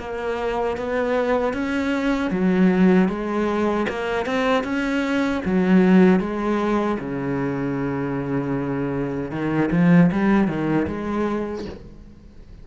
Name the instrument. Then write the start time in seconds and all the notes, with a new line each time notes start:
cello
0.00 A#3
0.78 B3
1.54 C#4
2.31 F#3
3.09 G#3
3.90 A#3
4.26 C4
4.64 C#4
5.45 F#3
6.20 G#3
7.00 C#3
9.32 D#3
9.72 F3
10.12 G3
10.48 D#3
10.88 G#3